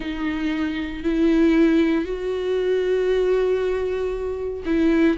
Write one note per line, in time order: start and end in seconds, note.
0.00 1.03 D#4
1.03 2.04 E4
2.04 4.63 F#4
4.65 5.17 E4